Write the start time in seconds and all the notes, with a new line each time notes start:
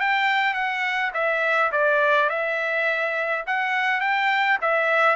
0.00 G5
0.54 F#5
1.14 E5
1.72 D5
2.29 E5
3.46 F#5
4.00 G5
4.62 E5